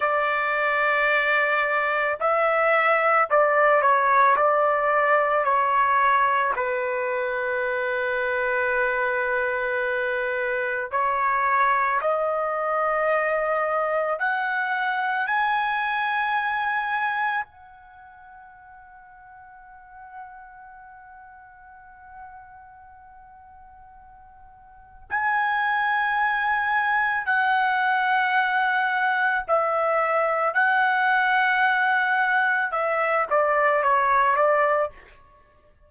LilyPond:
\new Staff \with { instrumentName = "trumpet" } { \time 4/4 \tempo 4 = 55 d''2 e''4 d''8 cis''8 | d''4 cis''4 b'2~ | b'2 cis''4 dis''4~ | dis''4 fis''4 gis''2 |
fis''1~ | fis''2. gis''4~ | gis''4 fis''2 e''4 | fis''2 e''8 d''8 cis''8 d''8 | }